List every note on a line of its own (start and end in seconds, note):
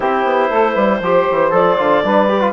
0.00 0.24 C4
0.00 1.02 E4
0.00 0.49 G4
0.00 1.52 C5
0.24 0.49 B3
0.50 0.75 A3
0.50 0.72 A4
0.72 1.00 G3
0.72 0.97 B4
1.00 1.26 F3
1.00 1.51 G4
1.00 2.04 C5
1.31 1.51 E3
1.51 1.77 F3
1.51 1.76 A4
1.51 2.52 D5
1.77 2.04 D3
1.77 2.03 F4
2.03 2.52 G3
2.03 2.28 D4
2.03 2.52 B4
2.28 2.41 G4
2.41 2.52 F4